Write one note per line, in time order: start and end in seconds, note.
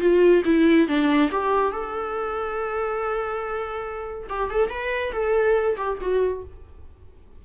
0.00 0.43 F4
0.45 0.87 E4
0.88 1.30 D4
1.31 1.72 G4
1.72 4.27 A4
4.29 4.50 G4
4.50 4.70 A4
4.70 5.12 B4
5.12 5.76 A4
5.77 5.98 G4
6.01 6.43 F#4